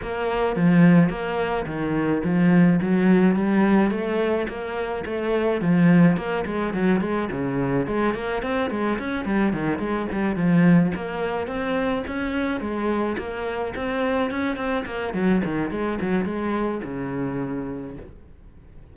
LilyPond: \new Staff \with { instrumentName = "cello" } { \time 4/4 \tempo 4 = 107 ais4 f4 ais4 dis4 | f4 fis4 g4 a4 | ais4 a4 f4 ais8 gis8 | fis8 gis8 cis4 gis8 ais8 c'8 gis8 |
cis'8 g8 dis8 gis8 g8 f4 ais8~ | ais8 c'4 cis'4 gis4 ais8~ | ais8 c'4 cis'8 c'8 ais8 fis8 dis8 | gis8 fis8 gis4 cis2 | }